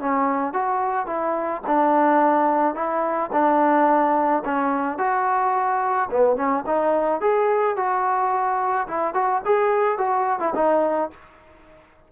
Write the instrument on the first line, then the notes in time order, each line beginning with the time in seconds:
trombone
0.00 C#4
0.53 F#4
1.07 E4
1.67 D4
2.75 E4
3.33 D4
4.45 C#4
4.98 F#4
6.11 B3
6.36 C#4
6.66 D#4
7.21 G#4
7.77 F#4
8.88 E4
9.14 F#4
9.45 G#4
9.98 F#4
10.40 E4
10.55 D#4